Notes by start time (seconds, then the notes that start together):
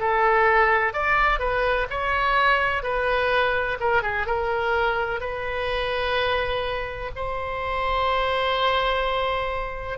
0.00 A4
0.94 D5
1.39 B4
1.90 C#5
2.83 B4
3.80 A#4
4.03 G#4
4.27 A#4
5.21 B4
7.16 C5